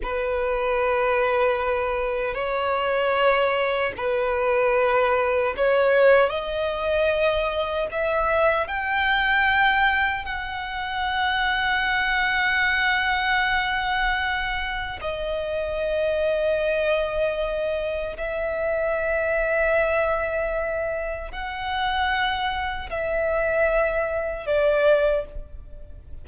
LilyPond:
\new Staff \with { instrumentName = "violin" } { \time 4/4 \tempo 4 = 76 b'2. cis''4~ | cis''4 b'2 cis''4 | dis''2 e''4 g''4~ | g''4 fis''2.~ |
fis''2. dis''4~ | dis''2. e''4~ | e''2. fis''4~ | fis''4 e''2 d''4 | }